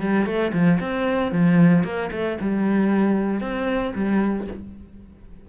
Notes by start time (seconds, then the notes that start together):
0.00 G3
0.26 A3
0.53 F3
0.81 C4
1.32 F3
1.84 A#3
2.11 A3
2.41 G3
3.41 C4
3.95 G3